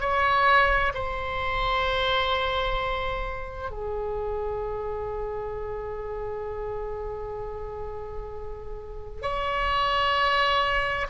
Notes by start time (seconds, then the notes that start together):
0.00 C#5
0.94 C5
3.70 G#4
9.22 C#5